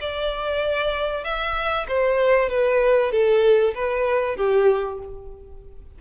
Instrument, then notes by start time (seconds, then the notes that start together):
violin
0.00 D5
1.24 E5
1.88 C5
2.49 B4
3.11 A4
3.74 B4
4.36 G4